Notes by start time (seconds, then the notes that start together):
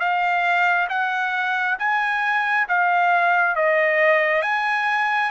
0.00 F5
0.90 F#5
1.79 G#5
2.69 F5
3.56 D#5
4.43 G#5